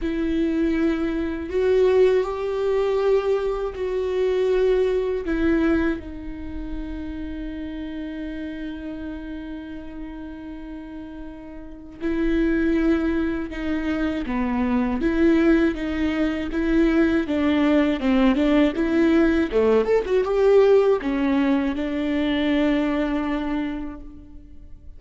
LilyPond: \new Staff \with { instrumentName = "viola" } { \time 4/4 \tempo 4 = 80 e'2 fis'4 g'4~ | g'4 fis'2 e'4 | dis'1~ | dis'1 |
e'2 dis'4 b4 | e'4 dis'4 e'4 d'4 | c'8 d'8 e'4 a8 a'16 fis'16 g'4 | cis'4 d'2. | }